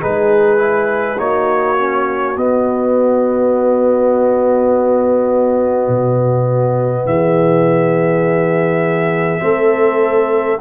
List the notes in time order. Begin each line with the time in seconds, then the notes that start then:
0.00 G#3 D#4 G#4 B4
0.58 E4
1.17 A#3 D#4 F#4 C#5
1.77 C#4
2.36 B3 D#5
5.87 B2
7.05 E3 G#4 E5
9.40 A3 C4 A4